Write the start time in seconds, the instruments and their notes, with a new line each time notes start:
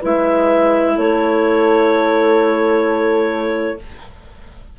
0.00 bassoon G#3, clarinet E4 E5, horn B4
0.96 bassoon A3, horn A4, clarinet C#5